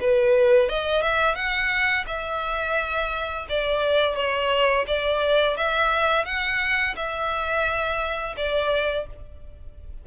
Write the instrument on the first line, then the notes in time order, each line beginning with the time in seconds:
violin
0.00 B4
0.68 D#5
1.02 E5
1.35 F#5
2.07 E5
3.49 D5
4.15 C#5
4.87 D5
5.57 E5
6.25 F#5
6.96 E5
8.37 D5